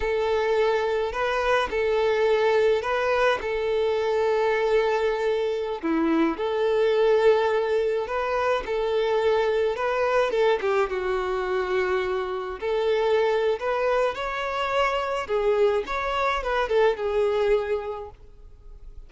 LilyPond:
\new Staff \with { instrumentName = "violin" } { \time 4/4 \tempo 4 = 106 a'2 b'4 a'4~ | a'4 b'4 a'2~ | a'2~ a'16 e'4 a'8.~ | a'2~ a'16 b'4 a'8.~ |
a'4~ a'16 b'4 a'8 g'8 fis'8.~ | fis'2~ fis'16 a'4.~ a'16 | b'4 cis''2 gis'4 | cis''4 b'8 a'8 gis'2 | }